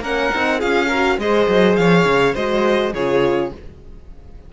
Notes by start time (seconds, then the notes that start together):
0.00 A#3 C#4 A#4 F#5
0.32 C4 D#4
0.59 C#4 F4 G#4 F5
0.88 F#4 A#4
1.18 G#3 G#4 C5 D#5
1.48 F#3
1.76 F3 C#5 F5
2.05 C#3
2.34 G#3 F#4 C5 D#5
2.94 C#3 F4 G#4 C#5